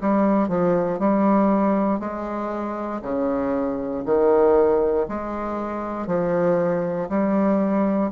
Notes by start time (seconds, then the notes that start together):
0.00 G3
0.48 F3
0.99 G3
1.99 G#3
3.01 C#3
4.05 D#3
5.08 G#3
6.06 F3
7.09 G3